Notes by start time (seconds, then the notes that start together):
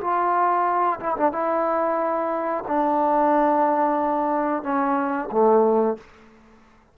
0.00 F4
1.00 E4
1.17 D4
1.32 E4
2.67 D4
4.63 C#4
5.31 A3